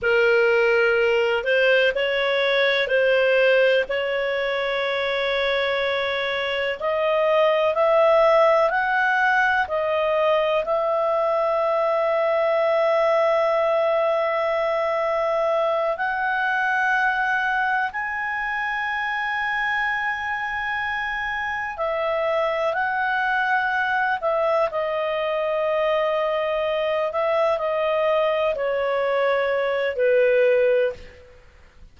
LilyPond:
\new Staff \with { instrumentName = "clarinet" } { \time 4/4 \tempo 4 = 62 ais'4. c''8 cis''4 c''4 | cis''2. dis''4 | e''4 fis''4 dis''4 e''4~ | e''1~ |
e''8 fis''2 gis''4.~ | gis''2~ gis''8 e''4 fis''8~ | fis''4 e''8 dis''2~ dis''8 | e''8 dis''4 cis''4. b'4 | }